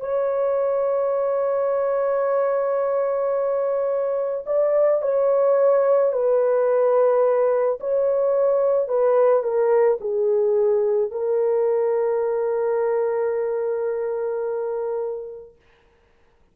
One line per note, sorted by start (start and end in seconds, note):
0.00 4.44 C#5
4.46 5.02 D5
5.02 6.13 C#5
6.13 7.79 B4
7.80 8.88 C#5
8.88 9.43 B4
9.43 9.98 A#4
10.01 11.11 G#4
11.11 15.56 A#4